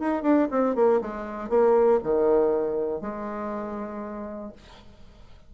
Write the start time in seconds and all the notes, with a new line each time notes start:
0.00 D#4
0.22 D4
0.51 C4
0.75 A#3
1.01 G#3
1.49 A#3
2.03 D#3
3.01 G#3